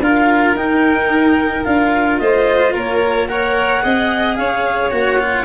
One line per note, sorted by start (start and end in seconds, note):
0.00 0.55 D4
0.00 0.56 F4
0.00 2.20 A#4
0.00 0.57 F5
0.55 1.64 D#4
0.55 1.65 D#4
0.55 1.64 G5
1.64 2.20 D4
1.64 3.29 F4
1.64 2.19 F5
2.19 2.75 A3
2.19 2.73 C5
2.19 2.73 D#5
2.73 3.84 A#3
2.73 3.28 A#4
2.73 3.28 C#5
3.28 3.82 A#4
3.28 3.84 C#5
3.28 4.36 F#5
3.82 4.38 C4
3.82 4.91 G#4
3.82 4.38 D#5
4.36 4.92 C#4
4.36 5.45 C#5
4.36 4.90 F5
4.91 5.45 A#3
4.91 5.18 F#4
4.91 5.45 F#5
5.19 5.45 F4